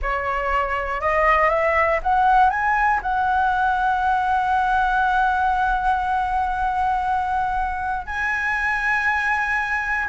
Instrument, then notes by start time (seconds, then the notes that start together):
flute
0.02 C#5
1.01 D#5
1.49 E5
2.02 F#5
2.50 G#5
3.02 F#5
8.06 G#5